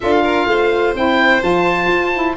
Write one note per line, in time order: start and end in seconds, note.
0.00 0.46 D4
0.00 0.95 F4
0.00 0.23 A4
0.00 0.94 F5
0.23 0.47 A#4
0.46 0.93 A3
0.46 2.36 C5
0.94 1.41 C4
0.94 1.40 E4
0.94 1.43 G5
1.40 1.87 F3
1.40 2.11 F4
1.40 2.36 A5
1.87 2.34 F4
2.13 2.36 E4